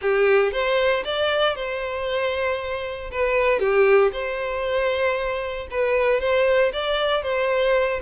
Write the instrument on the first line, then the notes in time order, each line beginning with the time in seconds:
violin
0.01 G4
0.52 C5
1.04 D5
1.55 C5
3.11 B4
3.59 G4
4.12 C5
5.70 B4
6.20 C5
6.72 D5
7.22 C5